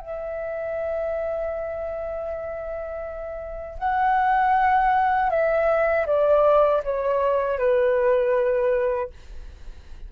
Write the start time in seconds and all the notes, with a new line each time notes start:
0.00 E5
3.79 F#5
5.30 E5
6.07 D5
6.84 C#5
7.58 B4